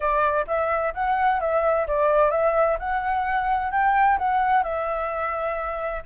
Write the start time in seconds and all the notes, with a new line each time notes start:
0.00 D5
0.47 E5
0.93 F#5
1.40 E5
1.87 D5
2.30 E5
2.79 F#5
3.71 G5
4.18 F#5
4.63 E5